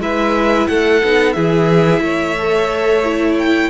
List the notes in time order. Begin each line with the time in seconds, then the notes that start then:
0.00 G#3 E4 B4 E5
0.68 A3 A4 F#5
1.04 B3 D#4
1.33 E3 E4 G#4 E5
2.01 A3 C#5
2.39 A4
3.04 E4
3.38 G5